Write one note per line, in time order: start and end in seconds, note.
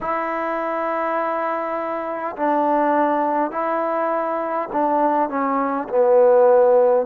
0.00 2.35 E4
2.36 3.51 D4
3.51 4.68 E4
4.72 5.29 D4
5.29 5.88 C#4
5.88 7.06 B3